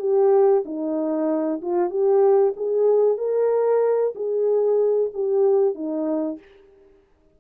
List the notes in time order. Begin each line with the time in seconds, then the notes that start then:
0.00 G4
0.66 D#4
1.62 F4
1.90 G4
2.57 G#4
3.18 A#4
4.15 G#4
5.14 G4
5.75 D#4